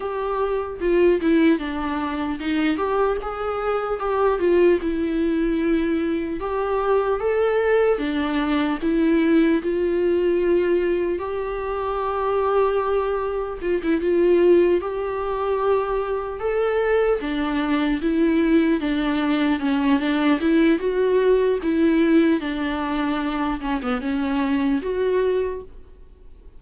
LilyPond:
\new Staff \with { instrumentName = "viola" } { \time 4/4 \tempo 4 = 75 g'4 f'8 e'8 d'4 dis'8 g'8 | gis'4 g'8 f'8 e'2 | g'4 a'4 d'4 e'4 | f'2 g'2~ |
g'4 f'16 e'16 f'4 g'4.~ | g'8 a'4 d'4 e'4 d'8~ | d'8 cis'8 d'8 e'8 fis'4 e'4 | d'4. cis'16 b16 cis'4 fis'4 | }